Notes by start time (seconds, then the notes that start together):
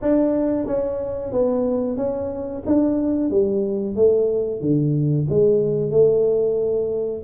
0.01 D4
0.66 C#4
1.32 B3
1.97 C#4
2.66 D4
3.30 G3
3.95 A3
4.61 D3
5.29 G#3
5.90 A3